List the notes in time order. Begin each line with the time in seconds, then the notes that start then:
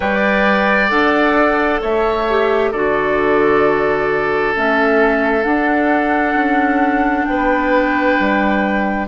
0.00 G3 B4 D5 G5
0.88 D4 A4 F#5
1.81 A3 C#5 E5
2.29 G4
2.71 D3 F#4 A4 D5
4.55 A3 C#4 E5
5.42 D4 F#5
6.34 C#4
7.25 B3 B4 G5
8.19 G3